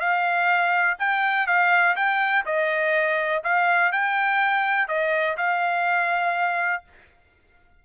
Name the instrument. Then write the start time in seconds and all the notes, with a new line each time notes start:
trumpet
0.00 F5
0.99 G5
1.47 F5
1.96 G5
2.45 D#5
3.44 F5
3.92 G5
4.88 D#5
5.37 F5